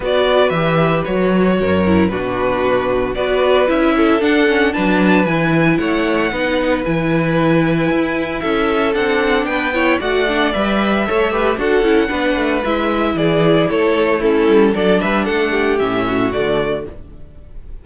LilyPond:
<<
  \new Staff \with { instrumentName = "violin" } { \time 4/4 \tempo 4 = 114 d''4 e''4 cis''2 | b'2 d''4 e''4 | fis''4 a''4 gis''4 fis''4~ | fis''4 gis''2. |
e''4 fis''4 g''4 fis''4 | e''2 fis''2 | e''4 d''4 cis''4 a'4 | d''8 e''8 fis''4 e''4 d''4 | }
  \new Staff \with { instrumentName = "violin" } { \time 4/4 b'2. ais'4 | fis'2 b'4. a'8~ | a'4 b'2 cis''4 | b'1 |
a'2 b'8 cis''8 d''4~ | d''4 cis''8 b'8 a'4 b'4~ | b'4 gis'4 a'4 e'4 | a'8 b'8 a'8 g'4 fis'4. | }
  \new Staff \with { instrumentName = "viola" } { \time 4/4 fis'4 g'4 fis'4. e'8 | d'2 fis'4 e'4 | d'8 cis'8 d'4 e'2 | dis'4 e'2.~ |
e'4 d'4. e'8 fis'8 d'8 | b'4 a'8 g'8 fis'8 e'8 d'4 | e'2. cis'4 | d'2 cis'4 a4 | }
  \new Staff \with { instrumentName = "cello" } { \time 4/4 b4 e4 fis4 fis,4 | b,2 b4 cis'4 | d'4 fis4 e4 a4 | b4 e2 e'4 |
cis'4 c'4 b4 a4 | g4 a4 d'8 cis'8 b8 a8 | gis4 e4 a4. g8 | fis8 g8 a4 a,4 d4 | }
>>